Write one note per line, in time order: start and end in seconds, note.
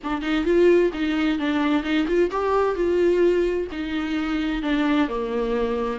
0.03 0.21 D4
0.21 0.44 D#4
0.44 0.91 F4
0.93 1.38 D#4
1.38 1.83 D4
1.83 2.06 D#4
2.07 2.30 F4
2.30 2.75 G4
2.75 3.67 F4
3.71 4.62 D#4
4.62 5.08 D4
5.08 5.99 A#3